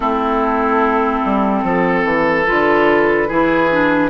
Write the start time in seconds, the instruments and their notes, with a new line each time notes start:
0.00 bassoon A3, clarinet C4, oboe E4, flute A4
1.24 bassoon G3
1.63 bassoon F3, oboe A4
2.04 bassoon E3
2.45 bassoon D3, clarinet F4, flute B4
3.28 bassoon E3, clarinet E4, oboe G#4
3.71 clarinet D4